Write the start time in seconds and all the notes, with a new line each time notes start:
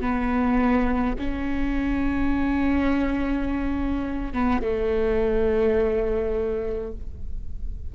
0.00 B3
1.18 C#4
4.33 B3
4.62 A3